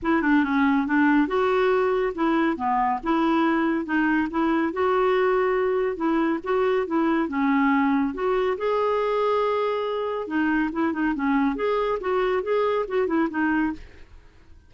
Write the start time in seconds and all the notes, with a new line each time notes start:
0.02 E4
0.22 D4
0.43 C#4
0.86 D4
1.27 F#4
2.14 E4
2.56 B3
3.03 E4
3.85 D#4
4.30 E4
4.73 F#4
5.96 E4
6.43 F#4
6.86 E4
7.28 C#4
8.14 F#4
8.57 G#4
10.27 D#4
10.72 E4
10.92 D#4
11.14 C#4
11.55 G#4
12.00 F#4
12.42 G#4
12.88 F#4
13.07 E4
13.30 D#4